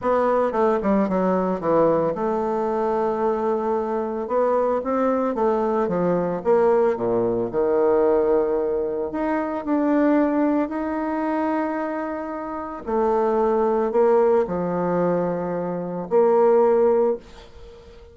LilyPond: \new Staff \with { instrumentName = "bassoon" } { \time 4/4 \tempo 4 = 112 b4 a8 g8 fis4 e4 | a1 | b4 c'4 a4 f4 | ais4 ais,4 dis2~ |
dis4 dis'4 d'2 | dis'1 | a2 ais4 f4~ | f2 ais2 | }